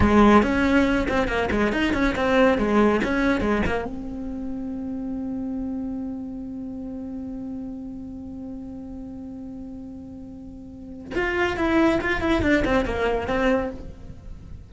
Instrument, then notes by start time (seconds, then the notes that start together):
cello
0.00 G#3
0.42 C#4
1.08 C4
1.27 A#3
1.50 G#3
1.72 D#4
1.93 C#4
2.15 C4
2.58 G#3
3.03 C#4
3.40 G#3
3.65 A#3
3.85 C4
11.14 F4
11.56 E4
12.01 F4
12.20 E4
12.42 D4
12.64 C4
12.85 A#3
13.27 C4